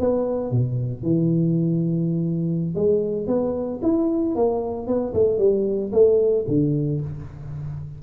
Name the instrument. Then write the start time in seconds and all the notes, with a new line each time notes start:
tuba
0.00 B3
0.51 B2
1.03 E3
2.75 G#3
3.28 B3
3.83 E4
4.36 A#3
4.87 B3
5.14 A3
5.39 G3
5.93 A3
6.48 D3